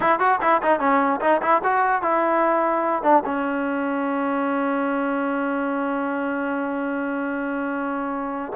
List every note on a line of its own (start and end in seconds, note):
0.00 0.19 E4
0.19 0.39 F#4
0.41 0.61 E4
0.62 0.79 D#4
0.79 1.20 C#4
1.21 1.41 D#4
1.42 1.62 E4
1.63 2.01 F#4
2.01 3.03 E4
3.03 3.23 D4
3.25 8.52 C#4